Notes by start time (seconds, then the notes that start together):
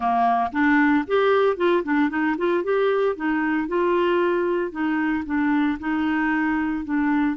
0.00 A#3
0.52 D4
1.07 G4
1.56 F4
1.83 D4
2.09 D#4
2.37 F4
2.63 G4
3.16 D#4
3.67 F4
4.71 D#4
5.25 D4
5.79 D#4
6.84 D4